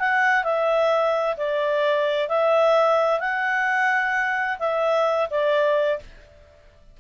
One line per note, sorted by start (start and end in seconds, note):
0.00 0.44 F#5
0.44 1.37 E5
1.37 2.29 D5
2.29 3.20 E5
3.20 4.59 F#5
4.60 5.29 E5
5.31 6.00 D5